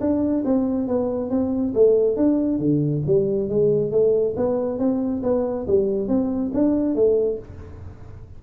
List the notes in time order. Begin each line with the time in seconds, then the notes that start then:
0.00 D4
0.44 C4
0.87 B3
1.29 C4
1.74 A3
2.16 D4
2.59 D3
3.06 G3
3.49 G#3
3.91 A3
4.36 B3
4.78 C4
5.22 B3
5.67 G3
6.08 C4
6.53 D4
6.95 A3